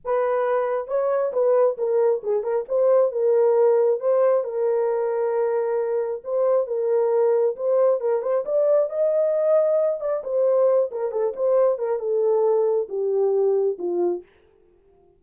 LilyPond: \new Staff \with { instrumentName = "horn" } { \time 4/4 \tempo 4 = 135 b'2 cis''4 b'4 | ais'4 gis'8 ais'8 c''4 ais'4~ | ais'4 c''4 ais'2~ | ais'2 c''4 ais'4~ |
ais'4 c''4 ais'8 c''8 d''4 | dis''2~ dis''8 d''8 c''4~ | c''8 ais'8 a'8 c''4 ais'8 a'4~ | a'4 g'2 f'4 | }